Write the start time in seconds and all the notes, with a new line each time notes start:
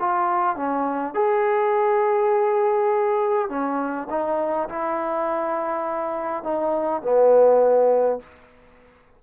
0.00 F4
0.56 C#4
1.14 G#4
3.49 C#4
4.10 D#4
4.69 E4
6.44 D#4
7.02 B3